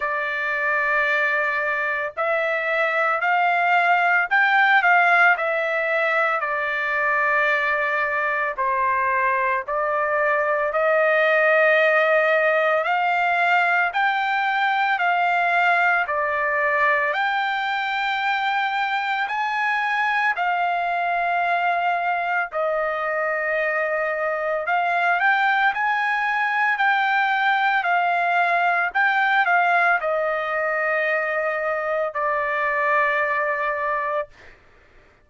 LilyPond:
\new Staff \with { instrumentName = "trumpet" } { \time 4/4 \tempo 4 = 56 d''2 e''4 f''4 | g''8 f''8 e''4 d''2 | c''4 d''4 dis''2 | f''4 g''4 f''4 d''4 |
g''2 gis''4 f''4~ | f''4 dis''2 f''8 g''8 | gis''4 g''4 f''4 g''8 f''8 | dis''2 d''2 | }